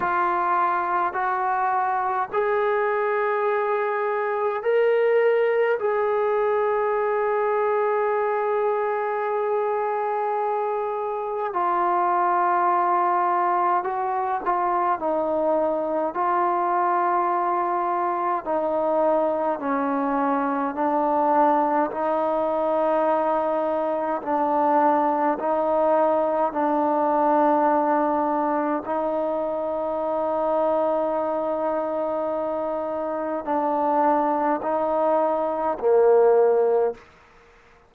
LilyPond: \new Staff \with { instrumentName = "trombone" } { \time 4/4 \tempo 4 = 52 f'4 fis'4 gis'2 | ais'4 gis'2.~ | gis'2 f'2 | fis'8 f'8 dis'4 f'2 |
dis'4 cis'4 d'4 dis'4~ | dis'4 d'4 dis'4 d'4~ | d'4 dis'2.~ | dis'4 d'4 dis'4 ais4 | }